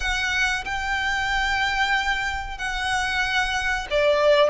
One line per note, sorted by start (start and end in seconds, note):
0.00 0.64 F#5
0.64 2.58 G5
2.58 3.87 F#5
3.90 4.50 D5